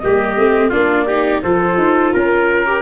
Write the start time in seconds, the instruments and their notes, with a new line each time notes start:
0.00 tuba G3, viola A#3, trumpet G4, flute D#5
0.37 tuba A3, viola C4
0.70 tuba A#3, viola D4, trumpet F4, flute D5
1.07 viola D#4, trumpet G4
1.43 tuba F3, viola F4, trumpet A4, flute C5
1.78 tuba D#4
2.13 tuba C#4, flute A#4, trumpet A#4
2.66 viola G4